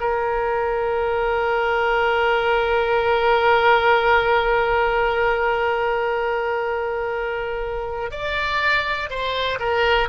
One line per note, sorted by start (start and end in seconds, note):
0.00 8.11 A#4
8.11 9.09 D5
9.09 9.59 C5
9.59 10.09 A#4